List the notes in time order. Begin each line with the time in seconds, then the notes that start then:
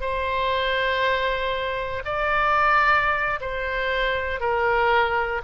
0.00 C5
2.05 D5
3.40 C5
4.40 A#4